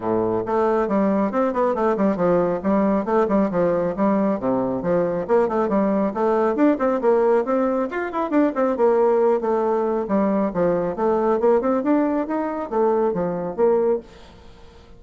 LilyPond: \new Staff \with { instrumentName = "bassoon" } { \time 4/4 \tempo 4 = 137 a,4 a4 g4 c'8 b8 | a8 g8 f4 g4 a8 g8 | f4 g4 c4 f4 | ais8 a8 g4 a4 d'8 c'8 |
ais4 c'4 f'8 e'8 d'8 c'8 | ais4. a4. g4 | f4 a4 ais8 c'8 d'4 | dis'4 a4 f4 ais4 | }